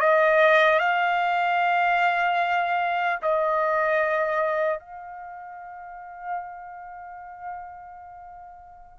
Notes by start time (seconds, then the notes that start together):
0.00 D#5
0.79 F5
3.22 D#5
4.79 F5